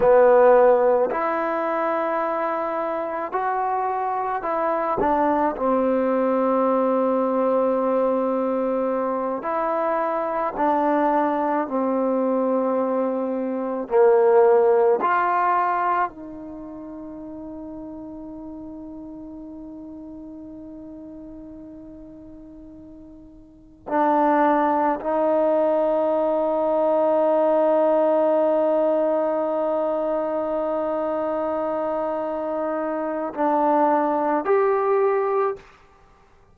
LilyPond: \new Staff \with { instrumentName = "trombone" } { \time 4/4 \tempo 4 = 54 b4 e'2 fis'4 | e'8 d'8 c'2.~ | c'8 e'4 d'4 c'4.~ | c'8 ais4 f'4 dis'4.~ |
dis'1~ | dis'4. d'4 dis'4.~ | dis'1~ | dis'2 d'4 g'4 | }